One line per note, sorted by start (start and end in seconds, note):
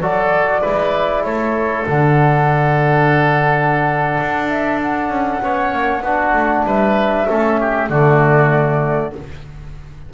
0.00 0.62 F#3
0.00 0.62 F#4
0.00 0.61 A4
0.00 1.24 D5
0.61 1.25 G#3
0.61 1.86 E4
0.61 1.23 B4
1.24 1.86 A3
1.24 5.43 A4
1.24 1.86 C#5
1.87 4.19 D3
1.87 5.41 D4
1.87 4.49 F#5
4.21 5.09 D4
4.49 4.80 E5
4.82 6.65 F#5
5.09 5.40 C#4
5.41 5.73 B3
5.41 6.03 C#4
5.41 6.03 C#5
5.73 6.02 A#3
6.02 6.33 B3
6.02 7.27 D4
6.02 6.65 F#4
6.33 6.64 A3
6.65 7.27 G3
6.65 7.28 B4
6.65 7.89 E5
7.28 7.89 A3
7.28 7.89 C#4
7.28 7.60 A4
7.60 7.90 G4
7.89 9.13 D3
7.89 9.13 A3
7.89 9.13 F#4
7.89 9.13 D5